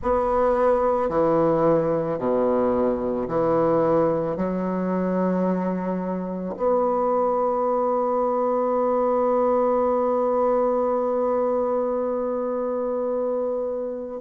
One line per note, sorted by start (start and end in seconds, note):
0.02 1.09 B3
1.09 2.18 E3
2.18 3.27 B2
3.28 4.36 E3
4.36 6.55 F#3
6.57 14.20 B3